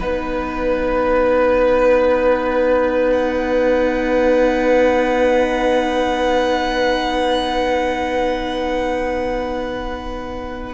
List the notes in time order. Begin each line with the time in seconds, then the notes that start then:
0.00 B3 D#4 B4
3.12 F#5